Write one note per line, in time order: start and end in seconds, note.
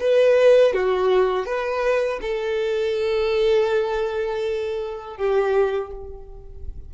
0.00 0.73 B4
0.73 1.45 F#4
1.45 2.20 B4
2.21 5.16 A4
5.16 5.91 G4